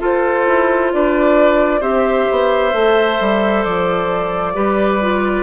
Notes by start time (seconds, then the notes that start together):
0.00 F4 A4 C5
0.47 E4
0.93 D4 B4 D5
1.80 C4 G4 C5 E5
2.31 B3
2.73 A3 A4
3.20 G3
3.64 F3 D5
4.54 G3 G4 B4
5.01 F4